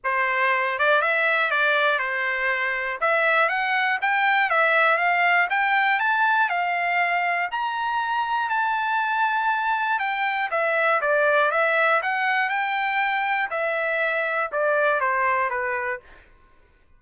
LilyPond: \new Staff \with { instrumentName = "trumpet" } { \time 4/4 \tempo 4 = 120 c''4. d''8 e''4 d''4 | c''2 e''4 fis''4 | g''4 e''4 f''4 g''4 | a''4 f''2 ais''4~ |
ais''4 a''2. | g''4 e''4 d''4 e''4 | fis''4 g''2 e''4~ | e''4 d''4 c''4 b'4 | }